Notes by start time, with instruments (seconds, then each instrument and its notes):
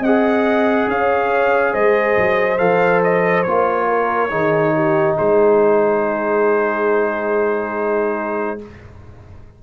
0.00 tuba C4, trombone G#4, horn D#5, trumpet F#5
0.88 tuba C#4, horn C#5, trumpet F5
1.73 tuba G#3, horn C5, trumpet D#5
2.17 tuba F#3
2.58 tuba F3, trombone A4, trumpet F5
3.04 trumpet D#5
3.43 tuba A#3, trombone F4, trumpet C#5
3.89 horn A#4
4.30 tuba D#3, trombone D#4, horn G#4
4.75 horn G4
5.17 tuba G#3, horn G#4, trumpet C5